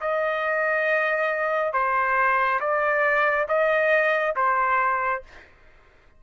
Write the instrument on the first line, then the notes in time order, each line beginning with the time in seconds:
trumpet
0.00 D#5
1.73 C5
2.60 D5
3.48 D#5
4.36 C5